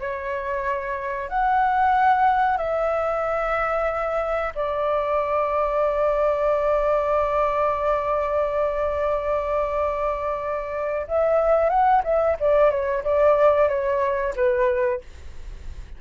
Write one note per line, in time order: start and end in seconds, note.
0.00 1.29 C#5
1.29 2.57 F#5
2.57 4.53 E5
4.55 11.07 D5
11.08 11.69 E5
11.69 12.02 F#5
12.04 12.36 E5
12.40 12.71 D5
12.71 13.03 C#5
13.04 13.68 D5
13.68 14.34 C#5
14.36 15.01 B4